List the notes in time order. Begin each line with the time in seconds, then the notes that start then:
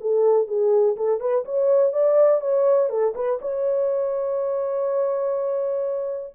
0.00 A4
0.47 G#4
0.96 A4
1.20 B4
1.44 C#5
1.92 D5
2.41 C#5
2.89 A4
3.15 B4
3.41 C#5